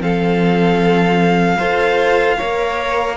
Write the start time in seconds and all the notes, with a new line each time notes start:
0.00 F3 C4 A4 F5
1.58 F4 A4 C5
2.37 A#3 A#4 C#5